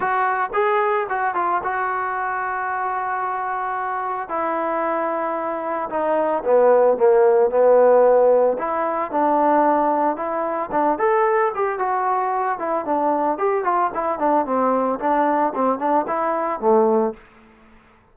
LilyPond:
\new Staff \with { instrumentName = "trombone" } { \time 4/4 \tempo 4 = 112 fis'4 gis'4 fis'8 f'8 fis'4~ | fis'1 | e'2. dis'4 | b4 ais4 b2 |
e'4 d'2 e'4 | d'8 a'4 g'8 fis'4. e'8 | d'4 g'8 f'8 e'8 d'8 c'4 | d'4 c'8 d'8 e'4 a4 | }